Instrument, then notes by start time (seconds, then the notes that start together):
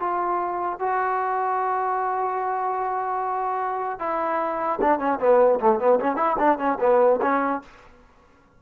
trombone
0.00 F4
0.79 F#4
4.00 E4
4.81 D4
4.99 C#4
5.19 B3
5.60 A3
5.80 B3
6.00 C#4
6.16 E4
6.39 D4
6.58 C#4
6.80 B3
7.22 C#4